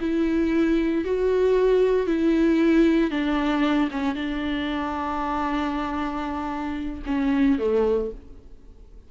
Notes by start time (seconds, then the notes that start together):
0.00 E4
1.04 F#4
2.06 E4
3.10 D4
3.91 C#4
4.15 D4
7.06 C#4
7.58 A3